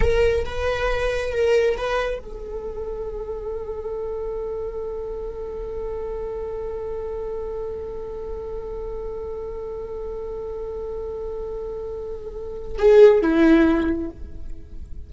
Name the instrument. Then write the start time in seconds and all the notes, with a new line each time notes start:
viola
0.00 A#4
0.45 B4
1.32 A#4
1.77 B4
2.19 A4
12.78 G#4
13.22 E4